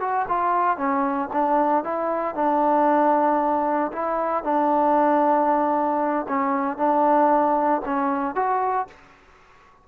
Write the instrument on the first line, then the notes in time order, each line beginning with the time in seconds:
trombone
0.00 F#4
0.28 F4
0.77 C#4
1.33 D4
1.84 E4
2.35 D4
3.93 E4
4.44 D4
6.28 C#4
6.77 D4
7.85 C#4
8.35 F#4